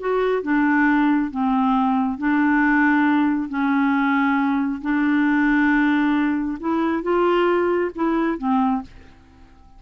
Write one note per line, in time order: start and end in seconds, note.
0.00 0.43 F#4
0.43 1.31 D4
1.31 2.18 C4
2.18 3.49 D4
3.49 4.81 C#4
4.82 6.58 D4
6.60 7.03 E4
7.03 7.91 F4
7.96 8.38 E4
8.38 8.82 C4